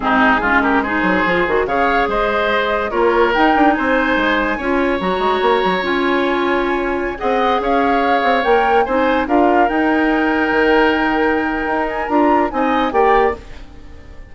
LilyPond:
<<
  \new Staff \with { instrumentName = "flute" } { \time 4/4 \tempo 4 = 144 gis'4. ais'8 c''2 | f''4 dis''2 cis''4 | g''4 gis''2. | ais''2 gis''2~ |
gis''4~ gis''16 fis''4 f''4.~ f''16~ | f''16 g''4 gis''4 f''4 g''8.~ | g''1~ | g''8 gis''8 ais''4 gis''4 g''4 | }
  \new Staff \with { instrumentName = "oboe" } { \time 4/4 dis'4 f'8 g'8 gis'2 | cis''4 c''2 ais'4~ | ais'4 c''2 cis''4~ | cis''1~ |
cis''4~ cis''16 dis''4 cis''4.~ cis''16~ | cis''4~ cis''16 c''4 ais'4.~ ais'16~ | ais'1~ | ais'2 dis''4 d''4 | }
  \new Staff \with { instrumentName = "clarinet" } { \time 4/4 c'4 cis'4 dis'4 f'8 fis'8 | gis'2. f'4 | dis'2. f'4 | fis'2 f'2~ |
f'4~ f'16 gis'2~ gis'8.~ | gis'16 ais'4 dis'4 f'4 dis'8.~ | dis'1~ | dis'4 f'4 dis'4 g'4 | }
  \new Staff \with { instrumentName = "bassoon" } { \time 4/4 gis,4 gis4. fis8 f8 dis8 | cis4 gis2 ais4 | dis'8 d'8 c'4 gis4 cis'4 | fis8 gis8 ais8 fis8 cis'2~ |
cis'4~ cis'16 c'4 cis'4. c'16~ | c'16 ais4 c'4 d'4 dis'8.~ | dis'4~ dis'16 dis2~ dis8. | dis'4 d'4 c'4 ais4 | }
>>